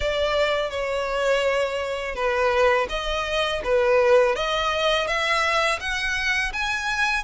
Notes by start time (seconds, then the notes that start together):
0.00 D5
0.70 C#5
2.15 B4
2.89 D#5
3.63 B4
4.35 D#5
5.07 E5
5.80 F#5
6.52 G#5